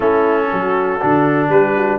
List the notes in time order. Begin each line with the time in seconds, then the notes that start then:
0.00 A3 C#4 E4 A4
0.51 F#3 F#4
1.01 D3 D4
1.49 G3 G4 B4
1.76 F#4